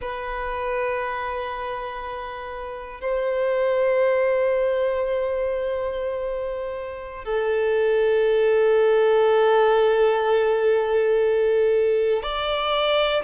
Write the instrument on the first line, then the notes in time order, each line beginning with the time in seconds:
violin
0.01 B4
3.00 C5
7.25 A4
12.22 D5